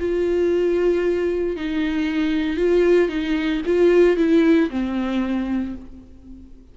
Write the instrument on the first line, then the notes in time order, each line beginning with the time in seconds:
viola
0.00 F4
1.57 D#4
2.57 F4
3.09 D#4
3.66 F4
4.17 E4
4.70 C4